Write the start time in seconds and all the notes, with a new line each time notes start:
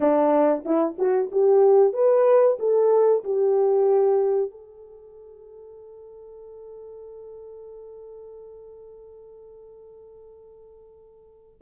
0.00 D4
0.65 E4
0.98 F#4
1.31 G4
1.93 B4
2.59 A4
3.24 G4
4.50 A4